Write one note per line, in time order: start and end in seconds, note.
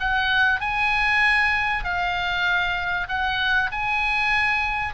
0.00 0.60 F#5
0.60 1.84 G#5
1.84 3.08 F5
3.08 3.70 F#5
3.72 4.94 G#5